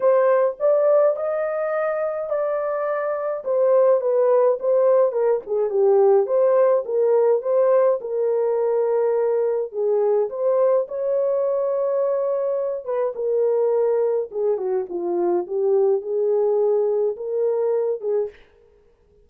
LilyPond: \new Staff \with { instrumentName = "horn" } { \time 4/4 \tempo 4 = 105 c''4 d''4 dis''2 | d''2 c''4 b'4 | c''4 ais'8 gis'8 g'4 c''4 | ais'4 c''4 ais'2~ |
ais'4 gis'4 c''4 cis''4~ | cis''2~ cis''8 b'8 ais'4~ | ais'4 gis'8 fis'8 f'4 g'4 | gis'2 ais'4. gis'8 | }